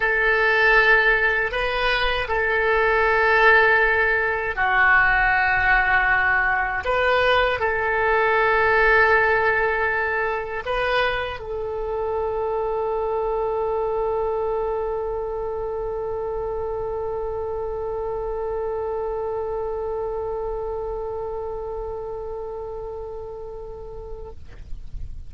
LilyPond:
\new Staff \with { instrumentName = "oboe" } { \time 4/4 \tempo 4 = 79 a'2 b'4 a'4~ | a'2 fis'2~ | fis'4 b'4 a'2~ | a'2 b'4 a'4~ |
a'1~ | a'1~ | a'1~ | a'1 | }